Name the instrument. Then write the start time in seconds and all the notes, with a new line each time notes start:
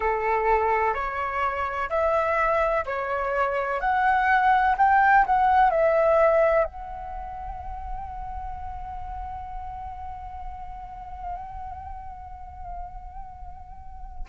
flute
0.00 A4
0.94 C#5
1.89 E5
2.85 C#5
3.80 F#5
4.77 G5
5.26 F#5
5.70 E5
6.64 F#5